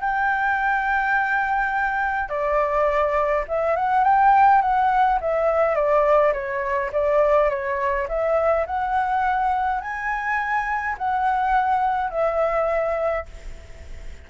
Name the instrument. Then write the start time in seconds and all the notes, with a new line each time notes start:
flute
0.00 G5
2.29 D5
3.47 E5
3.76 F#5
4.04 G5
4.61 F#5
5.21 E5
5.75 D5
6.33 C#5
6.92 D5
7.49 C#5
8.08 E5
8.66 F#5
9.81 G#5
10.98 F#5
12.10 E5